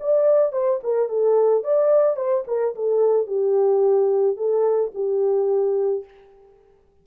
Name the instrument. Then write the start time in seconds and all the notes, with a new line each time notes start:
horn
0.00 D5
0.53 C5
0.84 A#4
1.09 A4
1.64 D5
2.17 C5
2.47 A#4
2.75 A4
3.27 G4
4.37 A4
4.95 G4